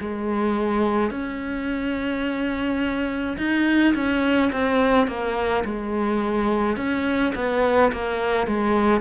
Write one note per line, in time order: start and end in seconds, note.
0.00 1.11 G#3
1.11 3.37 C#4
3.38 3.94 D#4
3.95 4.51 C#4
4.52 5.07 C4
5.07 5.64 A#3
5.64 6.76 G#3
6.76 7.33 C#4
7.35 7.91 B3
7.92 8.47 A#3
8.47 9.01 G#3